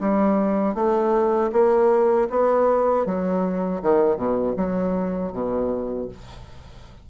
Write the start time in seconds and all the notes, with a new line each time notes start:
0.00 G3
0.75 A3
1.52 A#3
2.30 B3
3.06 F#3
3.82 D#3
4.17 B2
4.56 F#3
5.32 B2